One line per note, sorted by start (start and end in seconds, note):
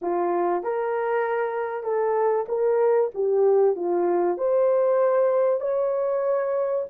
0.01 0.63 F4
0.63 1.83 A#4
1.83 2.45 A4
2.48 3.11 A#4
3.14 3.75 G4
3.75 4.37 F4
4.37 5.60 C5
5.60 6.85 C#5